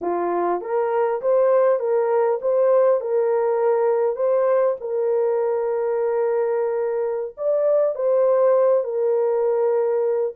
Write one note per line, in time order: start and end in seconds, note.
0.01 0.61 F4
0.61 1.21 A#4
1.21 1.79 C5
1.79 2.39 A#4
2.41 3.01 C5
3.01 4.16 A#4
4.16 4.75 C5
4.80 7.35 A#4
7.37 7.95 D5
7.95 8.84 C5
8.84 10.34 A#4